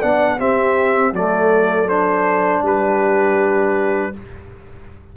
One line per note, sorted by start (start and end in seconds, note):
0.00 0.39 B3
0.00 0.39 D4
0.00 0.38 D5
0.00 0.39 F#5
0.39 1.14 C4
0.39 1.13 C4
0.39 1.14 G4
0.39 1.15 E5
1.13 2.62 F#3
1.13 1.88 A3
1.13 2.63 A4
1.13 1.88 D5
1.88 4.13 D4
1.88 2.63 C5
2.62 4.12 G3
2.62 4.13 G4
2.62 4.16 B4